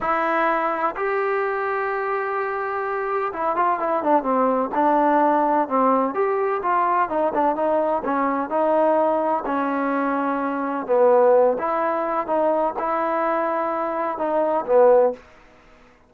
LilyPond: \new Staff \with { instrumentName = "trombone" } { \time 4/4 \tempo 4 = 127 e'2 g'2~ | g'2. e'8 f'8 | e'8 d'8 c'4 d'2 | c'4 g'4 f'4 dis'8 d'8 |
dis'4 cis'4 dis'2 | cis'2. b4~ | b8 e'4. dis'4 e'4~ | e'2 dis'4 b4 | }